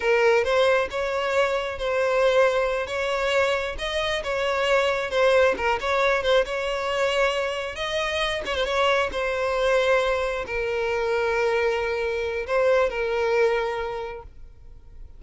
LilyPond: \new Staff \with { instrumentName = "violin" } { \time 4/4 \tempo 4 = 135 ais'4 c''4 cis''2 | c''2~ c''8 cis''4.~ | cis''8 dis''4 cis''2 c''8~ | c''8 ais'8 cis''4 c''8 cis''4.~ |
cis''4. dis''4. cis''16 c''16 cis''8~ | cis''8 c''2. ais'8~ | ais'1 | c''4 ais'2. | }